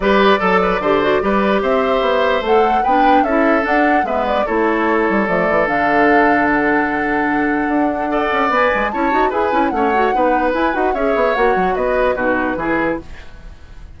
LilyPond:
<<
  \new Staff \with { instrumentName = "flute" } { \time 4/4 \tempo 4 = 148 d''1 | e''2 fis''4 g''4 | e''4 fis''4 e''8 d''8 cis''4~ | cis''4 d''4 f''2 |
fis''1~ | fis''4 gis''4 a''4 gis''4 | fis''2 gis''8 fis''8 e''4 | fis''4 dis''4 b'2 | }
  \new Staff \with { instrumentName = "oboe" } { \time 4/4 b'4 a'8 b'8 c''4 b'4 | c''2. b'4 | a'2 b'4 a'4~ | a'1~ |
a'1 | d''2 cis''4 b'4 | cis''4 b'2 cis''4~ | cis''4 b'4 fis'4 gis'4 | }
  \new Staff \with { instrumentName = "clarinet" } { \time 4/4 g'4 a'4 g'8 fis'8 g'4~ | g'2 a'4 d'4 | e'4 d'4 b4 e'4~ | e'4 a4 d'2~ |
d'1 | a'4 b'4 e'8 fis'8 gis'8 e'8 | cis'8 fis'8 dis'4 e'8 fis'8 gis'4 | fis'2 dis'4 e'4 | }
  \new Staff \with { instrumentName = "bassoon" } { \time 4/4 g4 fis4 d4 g4 | c'4 b4 a4 b4 | cis'4 d'4 gis4 a4~ | a8 g8 f8 e8 d2~ |
d2. d'4~ | d'8 cis'8 b8 gis8 cis'8 dis'8 e'8 cis'8 | a4 b4 e'8 dis'8 cis'8 b8 | ais8 fis8 b4 b,4 e4 | }
>>